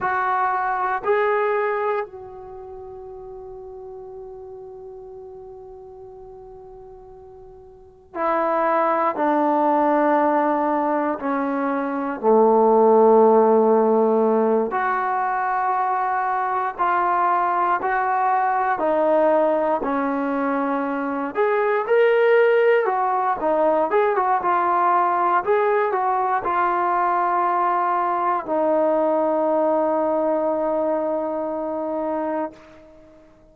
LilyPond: \new Staff \with { instrumentName = "trombone" } { \time 4/4 \tempo 4 = 59 fis'4 gis'4 fis'2~ | fis'1 | e'4 d'2 cis'4 | a2~ a8 fis'4.~ |
fis'8 f'4 fis'4 dis'4 cis'8~ | cis'4 gis'8 ais'4 fis'8 dis'8 gis'16 fis'16 | f'4 gis'8 fis'8 f'2 | dis'1 | }